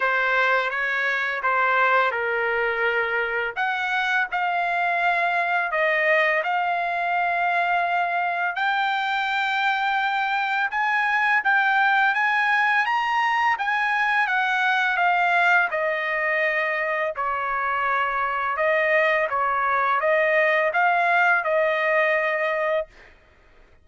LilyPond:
\new Staff \with { instrumentName = "trumpet" } { \time 4/4 \tempo 4 = 84 c''4 cis''4 c''4 ais'4~ | ais'4 fis''4 f''2 | dis''4 f''2. | g''2. gis''4 |
g''4 gis''4 ais''4 gis''4 | fis''4 f''4 dis''2 | cis''2 dis''4 cis''4 | dis''4 f''4 dis''2 | }